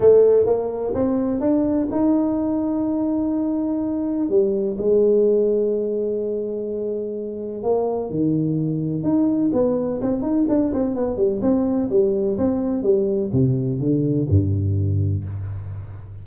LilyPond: \new Staff \with { instrumentName = "tuba" } { \time 4/4 \tempo 4 = 126 a4 ais4 c'4 d'4 | dis'1~ | dis'4 g4 gis2~ | gis1 |
ais4 dis2 dis'4 | b4 c'8 dis'8 d'8 c'8 b8 g8 | c'4 g4 c'4 g4 | c4 d4 g,2 | }